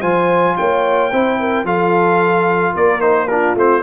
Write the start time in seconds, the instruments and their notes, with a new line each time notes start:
0.00 tuba F3, trombone F4, horn C5, trumpet G#5
0.57 tuba A#3, horn C#5, trumpet G5
1.12 tuba C4, trombone E4, horn C5
1.40 horn A#4
1.64 tuba F3, trombone F4, horn A4, trumpet F5
2.73 tuba A#3, horn A#4, trumpet D5
3.00 trombone D#4, trumpet C5
3.28 trombone D4, horn F4, trumpet A#4
3.55 tuba A3, trombone C4, trumpet C5